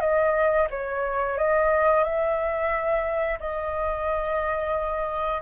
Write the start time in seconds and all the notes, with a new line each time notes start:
0.00 D#5
0.70 C#5
1.38 D#5
2.03 E5
3.40 D#5